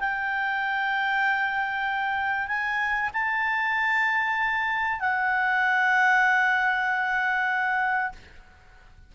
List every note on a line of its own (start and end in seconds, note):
0.00 2.48 G5
2.48 3.10 G#5
3.14 5.00 A5
5.00 8.13 F#5